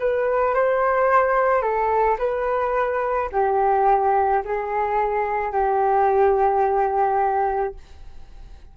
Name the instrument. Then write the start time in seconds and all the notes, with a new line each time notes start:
flute
0.00 B4
0.55 C5
1.62 A4
2.19 B4
3.32 G4
4.45 G#4
5.53 G4